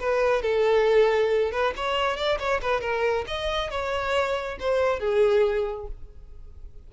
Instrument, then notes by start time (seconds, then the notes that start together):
violin
0.00 B4
0.42 A4
1.52 B4
1.76 C#5
2.17 D5
2.39 C#5
2.62 B4
2.81 A#4
3.27 D#5
3.70 C#5
4.60 C5
5.00 G#4